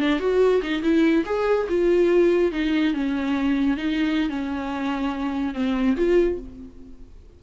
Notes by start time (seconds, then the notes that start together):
0.00 D4
0.19 F#4
0.62 D#4
0.83 E4
1.26 G#4
1.69 F4
2.52 D#4
2.94 C#4
3.77 D#4
4.29 C#4
5.54 C4
5.97 F4